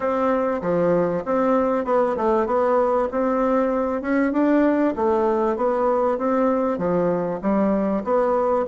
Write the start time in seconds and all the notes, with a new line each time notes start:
0.00 C4
0.61 F3
1.25 C4
1.84 B3
2.16 A3
2.46 B3
3.11 C4
4.01 C#4
4.32 D4
4.95 A3
5.56 B3
6.17 C4
6.78 F3
7.41 G3
8.04 B3